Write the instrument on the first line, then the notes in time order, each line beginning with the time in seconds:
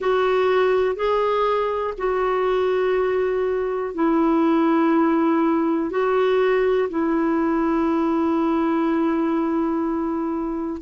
clarinet
0.00 F#4
0.95 G#4
1.97 F#4
3.94 E4
5.90 F#4
6.89 E4